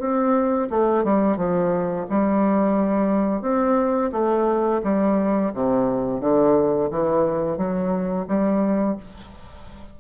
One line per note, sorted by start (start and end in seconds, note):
0.00 0.69 C4
0.70 1.04 A3
1.04 1.37 G3
1.37 2.06 F3
2.10 3.42 G3
3.42 4.11 C4
4.13 4.82 A3
4.84 5.53 G3
5.54 6.21 C3
6.21 6.90 D3
6.91 7.58 E3
7.58 8.27 F#3
8.28 8.97 G3